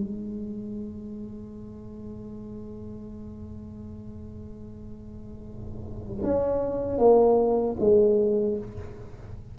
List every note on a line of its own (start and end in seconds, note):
0.00 6.23 G#3
6.23 6.98 C#4
6.98 7.76 A#3
7.80 8.58 G#3